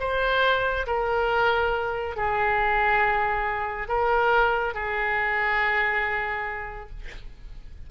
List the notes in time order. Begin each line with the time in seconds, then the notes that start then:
0.00 C5
0.87 A#4
2.16 G#4
3.88 A#4
4.74 G#4